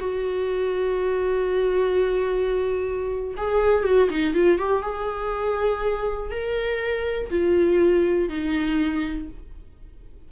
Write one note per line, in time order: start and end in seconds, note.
0.00 3.35 F#4
3.37 3.85 G#4
3.85 4.09 F#4
4.10 4.35 D#4
4.35 4.59 F4
4.59 4.82 G4
4.82 6.31 G#4
6.31 7.30 A#4
7.30 8.29 F4
8.29 9.28 D#4